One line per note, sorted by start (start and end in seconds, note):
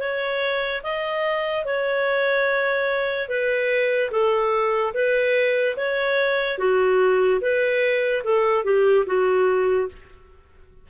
0.00 0.82 C#5
0.83 1.65 D#5
1.65 3.29 C#5
3.29 4.11 B4
4.11 4.94 A4
4.94 5.76 B4
5.77 6.59 C#5
6.59 7.41 F#4
7.41 8.23 B4
8.24 8.65 A4
8.65 9.06 G4
9.06 9.89 F#4